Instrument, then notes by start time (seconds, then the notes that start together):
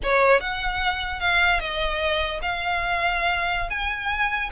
violin
0.03 C#5
0.40 F#5
1.20 F5
1.60 D#5
2.42 F5
3.70 G#5